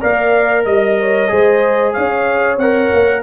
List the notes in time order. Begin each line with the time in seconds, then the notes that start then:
0.00 A#3 A#4 D5 F5
0.65 G3 D#5
0.99 C#5
1.28 G#3 G#4 C5
1.93 C#4 C#5 F5
2.57 C4 A#4 F#5
2.93 A#3